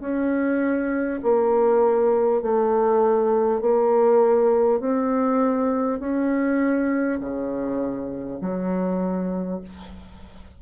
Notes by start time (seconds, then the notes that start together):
0.00 C#4
1.23 A#3
2.42 A3
3.61 A#3
4.80 C4
6.00 C#4
7.20 C#3
8.41 F#3